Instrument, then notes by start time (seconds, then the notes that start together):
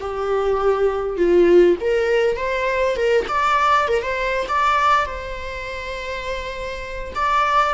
viola
0.00 G4
1.17 F4
1.81 A#4
2.37 C5
2.96 A#4
3.28 D5
3.88 A#4
4.02 C5
4.48 D5
5.05 C5
7.15 D5